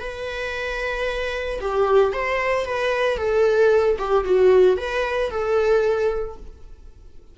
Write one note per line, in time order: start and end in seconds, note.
0.00 1.59 B4
1.61 2.13 G4
2.13 2.65 C5
2.65 3.17 B4
3.17 3.97 A4
3.98 4.24 G4
4.24 4.77 F#4
4.77 5.30 B4
5.30 6.36 A4